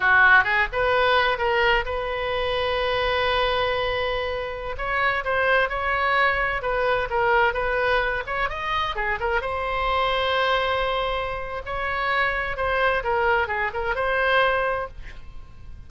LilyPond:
\new Staff \with { instrumentName = "oboe" } { \time 4/4 \tempo 4 = 129 fis'4 gis'8 b'4. ais'4 | b'1~ | b'2~ b'16 cis''4 c''8.~ | c''16 cis''2 b'4 ais'8.~ |
ais'16 b'4. cis''8 dis''4 gis'8 ais'16~ | ais'16 c''2.~ c''8.~ | c''4 cis''2 c''4 | ais'4 gis'8 ais'8 c''2 | }